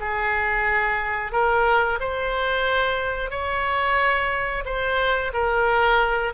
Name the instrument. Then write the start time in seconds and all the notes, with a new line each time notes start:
oboe
0.00 G#4
1.32 A#4
2.00 C5
3.31 C#5
4.65 C5
5.33 A#4